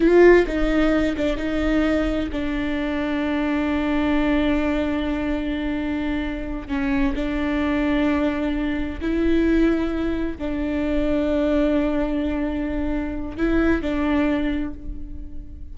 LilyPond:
\new Staff \with { instrumentName = "viola" } { \time 4/4 \tempo 4 = 130 f'4 dis'4. d'8 dis'4~ | dis'4 d'2.~ | d'1~ | d'2~ d'8 cis'4 d'8~ |
d'2.~ d'8 e'8~ | e'2~ e'8 d'4.~ | d'1~ | d'4 e'4 d'2 | }